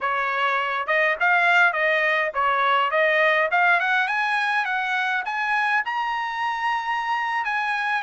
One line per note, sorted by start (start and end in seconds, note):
0.00 0.86 C#5
0.86 1.15 D#5
1.19 1.72 F5
1.72 2.31 D#5
2.34 2.90 C#5
2.90 3.49 D#5
3.51 3.80 F5
3.80 4.07 F#5
4.07 4.65 G#5
4.65 5.23 F#5
5.25 5.83 G#5
5.85 7.44 A#5
7.44 8.02 G#5